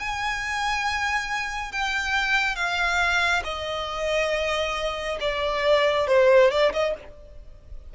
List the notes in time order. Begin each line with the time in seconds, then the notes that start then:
0.00 G#5
1.72 G5
2.56 F5
3.44 D#5
5.21 D5
6.08 C5
6.51 D5
6.73 D#5